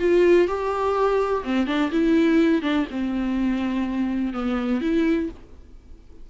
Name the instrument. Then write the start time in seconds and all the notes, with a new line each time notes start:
viola
0.00 F4
0.48 G4
1.44 C4
1.67 D4
1.92 E4
2.62 D4
2.91 C4
4.34 B3
4.82 E4